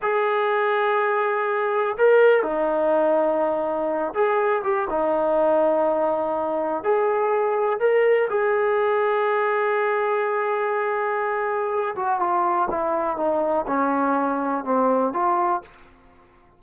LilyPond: \new Staff \with { instrumentName = "trombone" } { \time 4/4 \tempo 4 = 123 gis'1 | ais'4 dis'2.~ | dis'8 gis'4 g'8 dis'2~ | dis'2 gis'2 |
ais'4 gis'2.~ | gis'1~ | gis'8 fis'8 f'4 e'4 dis'4 | cis'2 c'4 f'4 | }